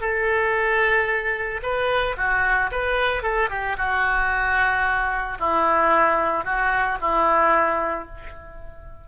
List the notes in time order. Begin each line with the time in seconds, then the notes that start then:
0.00 A4
1.62 B4
2.17 F#4
2.71 B4
3.22 A4
3.50 G4
3.77 F#4
5.39 E4
6.44 F#4
7.01 E4